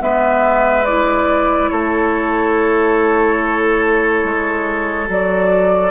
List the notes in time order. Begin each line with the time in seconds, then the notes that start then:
0.00 G#3 B3 B4 E5
0.85 E4 D5
1.70 A3 A4 C#5
4.24 G#3
5.07 F#3 F#4 D5